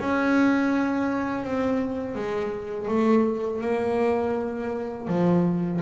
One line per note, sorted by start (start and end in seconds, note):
0.00 1.44 C#4
1.44 2.16 C4
2.16 2.88 G#3
2.88 3.62 A3
3.62 5.08 A#3
5.08 5.81 F3